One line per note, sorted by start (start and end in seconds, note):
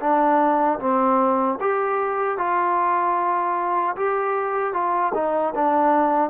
0.00 0.79 D4
0.79 1.58 C4
1.60 2.38 G4
2.38 3.95 F4
3.96 4.73 G4
4.73 5.12 F4
5.14 5.53 D#4
5.55 6.30 D4